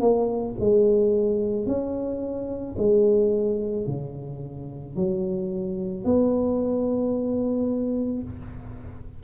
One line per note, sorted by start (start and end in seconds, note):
0.00 0.55 A#3
0.60 1.66 G#3
1.66 2.75 C#4
2.78 3.86 G#3
3.86 4.95 C#3
4.96 6.04 F#3
6.04 8.23 B3